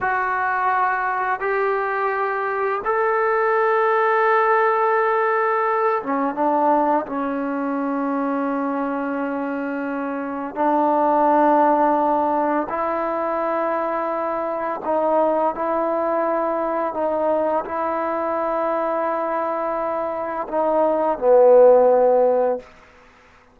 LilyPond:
\new Staff \with { instrumentName = "trombone" } { \time 4/4 \tempo 4 = 85 fis'2 g'2 | a'1~ | a'8 cis'8 d'4 cis'2~ | cis'2. d'4~ |
d'2 e'2~ | e'4 dis'4 e'2 | dis'4 e'2.~ | e'4 dis'4 b2 | }